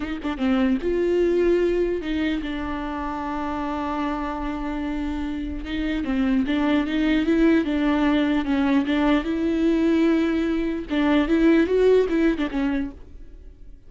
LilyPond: \new Staff \with { instrumentName = "viola" } { \time 4/4 \tempo 4 = 149 dis'8 d'8 c'4 f'2~ | f'4 dis'4 d'2~ | d'1~ | d'2 dis'4 c'4 |
d'4 dis'4 e'4 d'4~ | d'4 cis'4 d'4 e'4~ | e'2. d'4 | e'4 fis'4 e'8. d'16 cis'4 | }